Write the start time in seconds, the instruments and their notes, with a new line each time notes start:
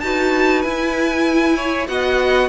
0.00 cello D#4, viola F#4, violin B4 A5
0.62 viola E4, cello E4, violin G#5
1.56 violin C#5
1.88 cello B3, viola F#4, violin D#5 F#5